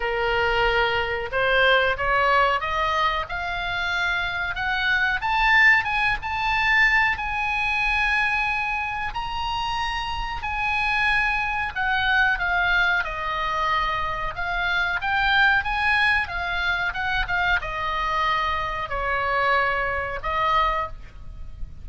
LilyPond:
\new Staff \with { instrumentName = "oboe" } { \time 4/4 \tempo 4 = 92 ais'2 c''4 cis''4 | dis''4 f''2 fis''4 | a''4 gis''8 a''4. gis''4~ | gis''2 ais''2 |
gis''2 fis''4 f''4 | dis''2 f''4 g''4 | gis''4 f''4 fis''8 f''8 dis''4~ | dis''4 cis''2 dis''4 | }